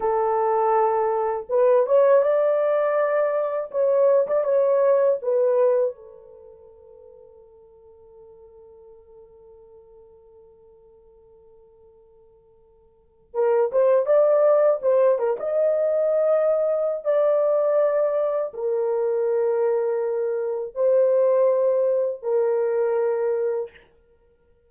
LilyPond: \new Staff \with { instrumentName = "horn" } { \time 4/4 \tempo 4 = 81 a'2 b'8 cis''8 d''4~ | d''4 cis''8. d''16 cis''4 b'4 | a'1~ | a'1~ |
a'2 ais'8 c''8 d''4 | c''8 ais'16 dis''2~ dis''16 d''4~ | d''4 ais'2. | c''2 ais'2 | }